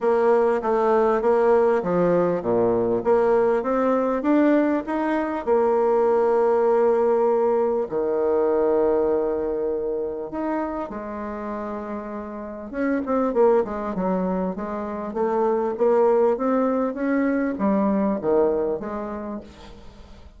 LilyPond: \new Staff \with { instrumentName = "bassoon" } { \time 4/4 \tempo 4 = 99 ais4 a4 ais4 f4 | ais,4 ais4 c'4 d'4 | dis'4 ais2.~ | ais4 dis2.~ |
dis4 dis'4 gis2~ | gis4 cis'8 c'8 ais8 gis8 fis4 | gis4 a4 ais4 c'4 | cis'4 g4 dis4 gis4 | }